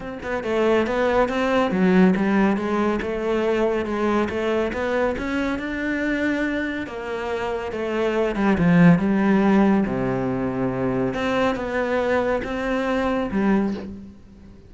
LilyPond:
\new Staff \with { instrumentName = "cello" } { \time 4/4 \tempo 4 = 140 c'8 b8 a4 b4 c'4 | fis4 g4 gis4 a4~ | a4 gis4 a4 b4 | cis'4 d'2. |
ais2 a4. g8 | f4 g2 c4~ | c2 c'4 b4~ | b4 c'2 g4 | }